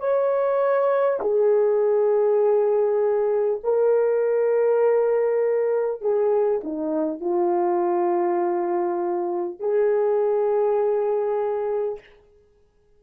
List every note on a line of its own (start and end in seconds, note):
0.00 1.20 C#5
1.21 3.61 G#4
3.64 6.01 A#4
6.01 6.61 G#4
6.64 7.21 D#4
7.21 9.60 F4
9.60 12.00 G#4